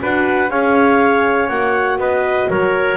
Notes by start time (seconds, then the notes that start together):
0.00 D4 F#4 B4 F#5
0.50 C#4 G#4 C#5 F5
1.48 A#3 F#4 F#5
1.98 B3 B4 D#5
2.50 F#3 A#4 C#5